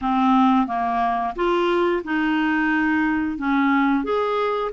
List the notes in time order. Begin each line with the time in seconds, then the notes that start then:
0.01 C4
0.66 A#3
1.35 F4
2.03 D#4
3.38 C#4
4.04 G#4